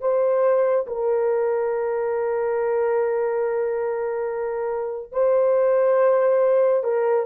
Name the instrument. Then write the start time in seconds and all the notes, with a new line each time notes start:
horn
0.00 C5
0.86 A#4
5.12 C5
6.83 A#4